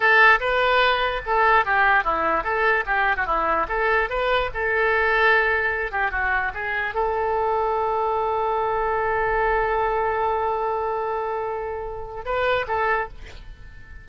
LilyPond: \new Staff \with { instrumentName = "oboe" } { \time 4/4 \tempo 4 = 147 a'4 b'2 a'4 | g'4 e'4 a'4 g'8. fis'16 | e'4 a'4 b'4 a'4~ | a'2~ a'8 g'8 fis'4 |
gis'4 a'2.~ | a'1~ | a'1~ | a'2 b'4 a'4 | }